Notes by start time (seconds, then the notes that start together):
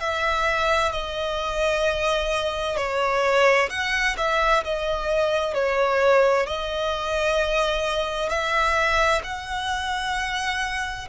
0.00 E5
0.92 D#5
2.77 C#5
3.70 F#5
4.17 E5
4.64 D#5
5.54 C#5
6.46 D#5
8.29 E5
9.23 F#5